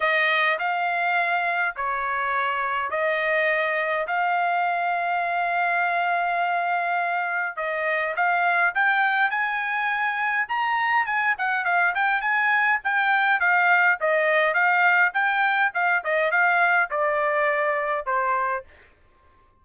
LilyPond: \new Staff \with { instrumentName = "trumpet" } { \time 4/4 \tempo 4 = 103 dis''4 f''2 cis''4~ | cis''4 dis''2 f''4~ | f''1~ | f''4 dis''4 f''4 g''4 |
gis''2 ais''4 gis''8 fis''8 | f''8 g''8 gis''4 g''4 f''4 | dis''4 f''4 g''4 f''8 dis''8 | f''4 d''2 c''4 | }